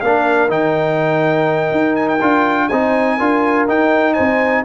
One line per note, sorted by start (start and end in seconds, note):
0.00 0.48 A#3
0.00 0.48 D4
0.00 2.69 A#4
0.00 0.49 F5
0.48 1.70 D#3
0.48 2.19 D#4
0.48 1.95 G5
1.71 2.20 D#4
1.95 2.08 G#5
2.08 2.68 G5
2.21 2.70 D4
2.21 2.70 F4
2.68 3.19 C4
2.68 3.19 D#4
2.68 3.16 C5
2.68 3.66 G#5
3.16 3.68 D4
3.16 3.68 F4
3.16 4.14 A#4
3.68 4.64 D#4
3.68 4.17 D#4
3.68 4.13 G5
4.13 4.64 C4
4.13 4.62 C5
4.13 4.62 G#5